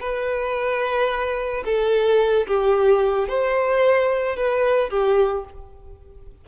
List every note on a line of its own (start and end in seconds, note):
0.00 1.64 B4
1.65 2.46 A4
2.47 3.28 G4
3.28 4.36 C5
4.36 4.90 B4
4.90 5.44 G4